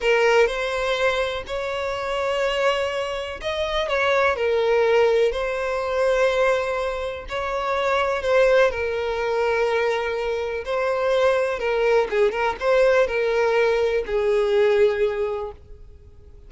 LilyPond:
\new Staff \with { instrumentName = "violin" } { \time 4/4 \tempo 4 = 124 ais'4 c''2 cis''4~ | cis''2. dis''4 | cis''4 ais'2 c''4~ | c''2. cis''4~ |
cis''4 c''4 ais'2~ | ais'2 c''2 | ais'4 gis'8 ais'8 c''4 ais'4~ | ais'4 gis'2. | }